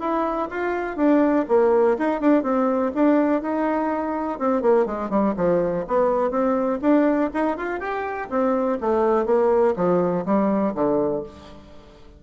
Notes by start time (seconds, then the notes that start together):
0.00 E4
0.51 F4
0.97 D4
1.49 A#3
1.99 D#4
2.21 D4
2.43 C4
2.95 D4
3.42 D#4
4.40 C4
4.62 A#3
4.86 G#3
5.10 G3
5.37 F3
5.88 B3
6.31 C4
6.82 D4
7.34 D#4
7.58 F4
7.80 G4
8.30 C4
8.81 A3
9.26 A#3
9.76 F3
10.26 G3
10.75 D3